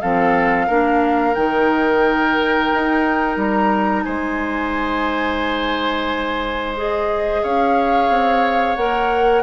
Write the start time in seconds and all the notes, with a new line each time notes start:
0.00 F3 C4 A4 F5
0.66 A#3 D4 A#4
1.34 D#3 D#4 G5
2.73 D#4
3.36 G3 A#5
4.04 G#3 C5 G#5
6.76 G#4 D#5
7.43 C#4 C#5 F5
8.09 C4
8.75 A#3 A#4 F#5